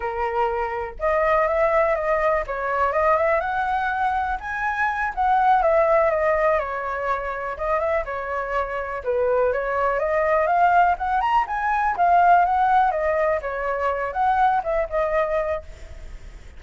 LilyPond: \new Staff \with { instrumentName = "flute" } { \time 4/4 \tempo 4 = 123 ais'2 dis''4 e''4 | dis''4 cis''4 dis''8 e''8 fis''4~ | fis''4 gis''4. fis''4 e''8~ | e''8 dis''4 cis''2 dis''8 |
e''8 cis''2 b'4 cis''8~ | cis''8 dis''4 f''4 fis''8 ais''8 gis''8~ | gis''8 f''4 fis''4 dis''4 cis''8~ | cis''4 fis''4 e''8 dis''4. | }